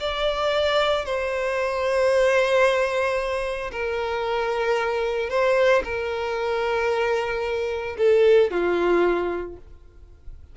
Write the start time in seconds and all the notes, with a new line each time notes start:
0.00 D5
1.05 C5
3.72 A#4
5.29 C5
5.84 A#4
7.98 A4
8.51 F4